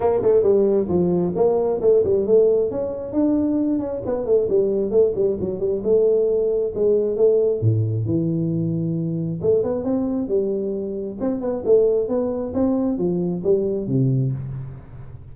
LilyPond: \new Staff \with { instrumentName = "tuba" } { \time 4/4 \tempo 4 = 134 ais8 a8 g4 f4 ais4 | a8 g8 a4 cis'4 d'4~ | d'8 cis'8 b8 a8 g4 a8 g8 | fis8 g8 a2 gis4 |
a4 a,4 e2~ | e4 a8 b8 c'4 g4~ | g4 c'8 b8 a4 b4 | c'4 f4 g4 c4 | }